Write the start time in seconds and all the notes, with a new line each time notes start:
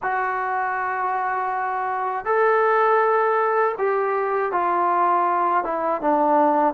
0.02 F#4
2.25 A4
3.77 G4
4.52 F4
5.64 E4
6.01 D4